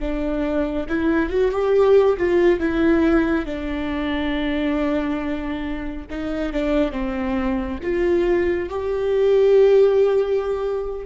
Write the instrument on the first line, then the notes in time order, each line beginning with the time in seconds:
viola
0.00 D4
0.89 E4
1.30 F#4
1.52 G4
2.18 F4
2.60 E4
3.46 D4
6.10 D#4
6.53 D4
6.92 C4
7.83 F4
8.70 G4